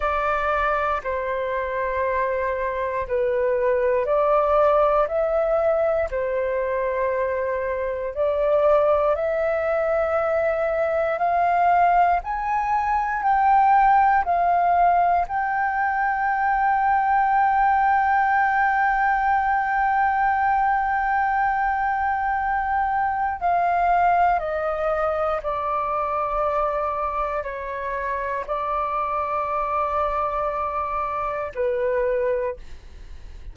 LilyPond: \new Staff \with { instrumentName = "flute" } { \time 4/4 \tempo 4 = 59 d''4 c''2 b'4 | d''4 e''4 c''2 | d''4 e''2 f''4 | gis''4 g''4 f''4 g''4~ |
g''1~ | g''2. f''4 | dis''4 d''2 cis''4 | d''2. b'4 | }